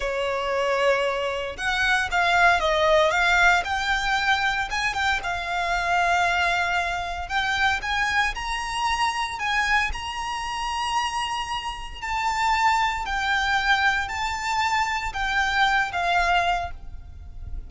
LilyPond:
\new Staff \with { instrumentName = "violin" } { \time 4/4 \tempo 4 = 115 cis''2. fis''4 | f''4 dis''4 f''4 g''4~ | g''4 gis''8 g''8 f''2~ | f''2 g''4 gis''4 |
ais''2 gis''4 ais''4~ | ais''2. a''4~ | a''4 g''2 a''4~ | a''4 g''4. f''4. | }